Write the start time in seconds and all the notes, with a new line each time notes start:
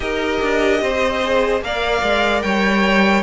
0.00 D#4 G4 A#4 D#5
0.41 D4
0.81 C4 C5
1.23 G#4
1.61 A#3 A#4 D5 F5
2.02 G#3
2.42 G3 C#5 G5